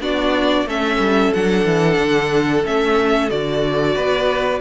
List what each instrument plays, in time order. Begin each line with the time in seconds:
0.00 cello B3, viola D4, violin F#4 D5
0.65 cello A3, viola C#4, violin A4 E5
0.99 cello G3
1.34 cello F#3, viola D4, violin F#5
1.65 cello E3
1.98 cello D3
2.65 cello A3, viola C#4, violin E5
3.30 cello D3, viola F#4, violin D5
3.95 cello B3, violin B4